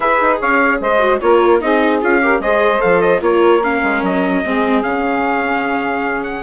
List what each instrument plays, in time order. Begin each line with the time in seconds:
0.00 bassoon E4, viola G#4, saxophone B4, trumpet E5
0.20 bassoon D#4
0.39 bassoon C#4, saxophone C#5, trumpet F5
0.80 bassoon G#3, saxophone C5, trumpet D#5
0.98 viola F#4
1.20 bassoon A#3, viola F4, saxophone A#4, trumpet C#5
1.60 bassoon C4, viola D#4, saxophone G#4, trumpet D#5
2.01 bassoon C#4, viola F4, trumpet F5
2.21 viola G4, saxophone A#4
2.39 bassoon G#3, viola G#4, saxophone C5, trumpet D#5
2.79 bassoon F3, viola A4, trumpet F5
3.01 trumpet D#5
3.21 bassoon A#3, viola F4, saxophone A#4, trumpet C#5
3.63 viola C#4, trumpet F5
3.83 bassoon G#3
4.02 bassoon F#3, trumpet D#5
4.44 bassoon G#3, viola C4, saxophone G#4
4.82 bassoon C#3, viola C#4, trumpet F5
6.23 trumpet F#5